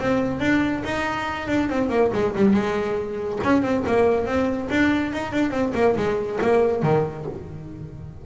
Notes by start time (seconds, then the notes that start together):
0.00 C4
0.40 D4
0.85 D#4
1.48 D4
1.69 C4
1.90 A#3
2.14 G#3
2.36 G3
2.54 G#3
3.44 C#4
3.62 C4
3.87 A#3
4.26 C4
4.70 D4
5.13 D#4
5.33 D4
5.51 C4
5.74 A#3
5.96 G#3
6.42 A#3
6.83 D#3